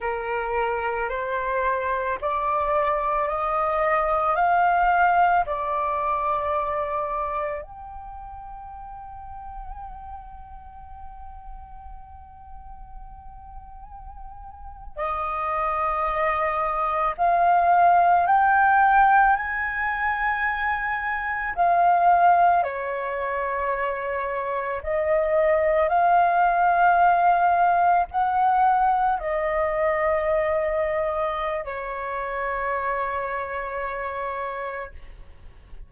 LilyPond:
\new Staff \with { instrumentName = "flute" } { \time 4/4 \tempo 4 = 55 ais'4 c''4 d''4 dis''4 | f''4 d''2 g''4~ | g''1~ | g''4.~ g''16 dis''2 f''16~ |
f''8. g''4 gis''2 f''16~ | f''8. cis''2 dis''4 f''16~ | f''4.~ f''16 fis''4 dis''4~ dis''16~ | dis''4 cis''2. | }